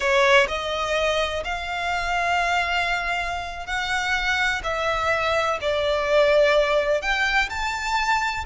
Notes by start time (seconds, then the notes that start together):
0.00 C#5
0.48 D#5
1.44 F5
3.66 F#5
4.63 E5
5.61 D5
7.01 G5
7.49 A5